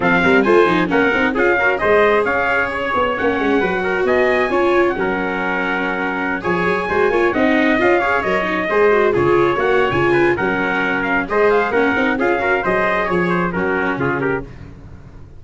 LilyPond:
<<
  \new Staff \with { instrumentName = "trumpet" } { \time 4/4 \tempo 4 = 133 f''4 gis''4 fis''4 f''4 | dis''4 f''4 cis''4 fis''4~ | fis''4 gis''4.~ gis''16 fis''4~ fis''16~ | fis''2~ fis''16 gis''4.~ gis''16~ |
gis''16 fis''4 f''4 dis''4.~ dis''16~ | dis''16 cis''4 fis''8. gis''4 fis''4~ | fis''8 f''8 dis''8 f''8 fis''4 f''4 | dis''4 cis''8 c''8 ais'4 gis'8 ais'8 | }
  \new Staff \with { instrumentName = "trumpet" } { \time 4/4 a'8 ais'8 c''4 ais'4 gis'8 ais'8 | c''4 cis''2. | b'8 ais'8 dis''4 cis''4 ais'4~ | ais'2~ ais'16 cis''4 c''8 cis''16~ |
cis''16 dis''4. cis''4. c''8.~ | c''16 gis'4 cis''4~ cis''16 b'8 ais'4~ | ais'4 c''4 ais'4 gis'8 ais'8 | c''4 cis''4 fis'4 f'8 g'8 | }
  \new Staff \with { instrumentName = "viola" } { \time 4/4 c'4 f'8 dis'8 cis'8 dis'8 f'8 fis'8 | gis'2. cis'4 | fis'2 f'4 cis'4~ | cis'2~ cis'16 gis'4 fis'8 f'16~ |
f'16 dis'4 f'8 gis'8 ais'8 dis'8 gis'8 fis'16~ | fis'16 f'4 fis'8. f'4 cis'4~ | cis'4 gis'4 cis'8 dis'8 f'8 fis'8 | gis'2 cis'2 | }
  \new Staff \with { instrumentName = "tuba" } { \time 4/4 f8 g8 a8 f8 ais8 c'8 cis'4 | gis4 cis'4. b8 ais8 gis8 | fis4 b4 cis'4 fis4~ | fis2~ fis16 f8 fis8 gis8 ais16~ |
ais16 c'4 cis'4 fis4 gis8.~ | gis16 cis4 ais8. cis4 fis4~ | fis4 gis4 ais8 c'8 cis'4 | fis4 f4 fis4 cis4 | }
>>